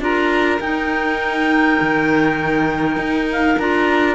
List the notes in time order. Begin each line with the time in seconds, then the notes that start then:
0.00 D4 F4 A#4 A#5
0.60 D#4 G5
1.81 D#3
2.97 D#4
3.32 F5
3.59 D4 F4 A#5